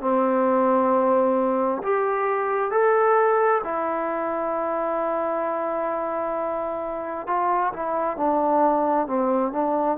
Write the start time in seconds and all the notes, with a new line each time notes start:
0.00 C4
1.83 G4
2.71 A4
3.64 E4
7.26 F4
7.72 E4
8.17 D4
9.07 C4
9.52 D4